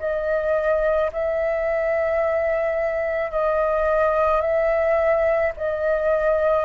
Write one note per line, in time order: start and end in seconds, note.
0.00 1.11 D#5
1.13 3.32 E5
3.32 4.41 D#5
4.41 5.53 E5
5.58 6.66 D#5